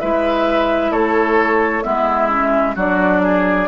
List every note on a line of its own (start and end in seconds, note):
0.00 0.91 G#3
0.00 1.83 E4
0.00 0.92 B4
0.00 0.92 E5
0.91 1.83 A3
0.91 1.84 A4
0.91 1.83 C#5
1.83 2.76 G#3
1.83 2.29 B3
1.83 2.75 E4
1.83 2.76 E5
2.29 2.75 C#4
2.75 3.68 F#3
2.75 3.68 D4
2.75 3.22 F#4
2.75 3.68 D5
3.23 3.68 G#4